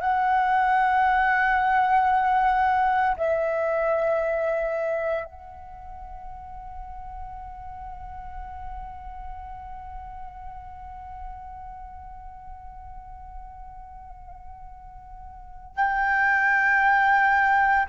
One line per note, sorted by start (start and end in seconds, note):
0.00 3.16 F#5
3.16 5.24 E5
5.24 15.76 F#5
15.76 17.86 G5